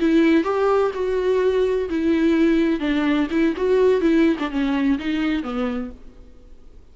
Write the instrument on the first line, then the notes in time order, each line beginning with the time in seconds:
viola
0.00 E4
0.44 G4
0.94 F#4
1.90 E4
2.80 D4
3.31 E4
3.57 F#4
4.01 E4
4.39 D4
4.51 C#4
4.99 D#4
5.43 B3